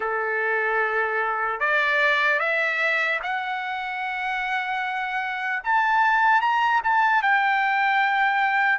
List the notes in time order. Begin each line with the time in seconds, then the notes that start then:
0.00 A4
1.60 D5
2.39 E5
3.23 F#5
5.63 A5
6.41 A#5
6.83 A5
7.22 G5